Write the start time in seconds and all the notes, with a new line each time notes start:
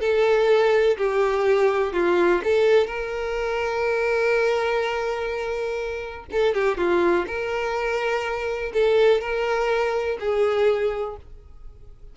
0.00 A4
0.97 G4
1.92 F4
2.43 A4
2.87 A#4
6.31 A4
6.54 G4
6.77 F4
7.27 A#4
8.73 A4
9.21 A#4
10.19 G#4